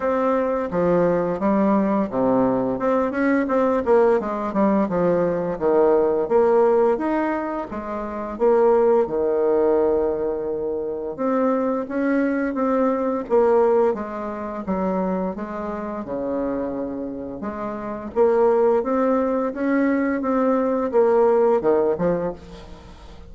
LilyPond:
\new Staff \with { instrumentName = "bassoon" } { \time 4/4 \tempo 4 = 86 c'4 f4 g4 c4 | c'8 cis'8 c'8 ais8 gis8 g8 f4 | dis4 ais4 dis'4 gis4 | ais4 dis2. |
c'4 cis'4 c'4 ais4 | gis4 fis4 gis4 cis4~ | cis4 gis4 ais4 c'4 | cis'4 c'4 ais4 dis8 f8 | }